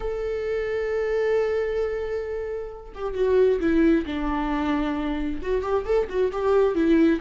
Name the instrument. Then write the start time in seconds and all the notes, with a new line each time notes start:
viola
0.00 A4
2.94 G4
3.14 F#4
3.60 E4
4.06 D4
5.41 F#4
5.62 G4
5.85 A4
6.09 F#4
6.32 G4
6.74 E4